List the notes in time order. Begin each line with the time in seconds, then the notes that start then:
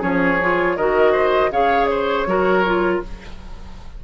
0.00 F3 C#4 G#4 C#5
0.41 F4
0.77 D#3 F#4 A#4 D#5
1.12 C5
1.51 C#3 G#4 C#5 F5
1.86 C5 C#5
2.26 F#3 F#4 A#4
2.65 F4